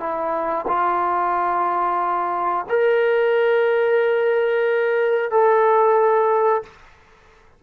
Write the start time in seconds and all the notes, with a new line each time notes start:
0.00 E4
0.68 F4
2.69 A#4
5.31 A4